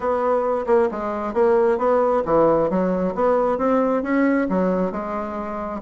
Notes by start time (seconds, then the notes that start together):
0.00 B3
0.66 A#3
0.91 G#3
1.33 A#3
1.77 B3
2.25 E3
2.69 F#3
3.14 B3
3.57 C4
4.02 C#4
4.49 F#3
4.91 G#3